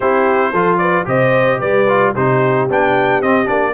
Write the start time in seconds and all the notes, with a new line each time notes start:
0.00 C4 E4 G4 C5
0.51 F3 F4 A4
0.77 B4 D5
1.05 C3 G4 C5 D#5
1.58 G3 B4 D5
1.88 F4
2.14 C3 D#4 G4 C5
2.70 B3 D4 G5
3.22 C4 D#5
3.45 A#3 D4 D5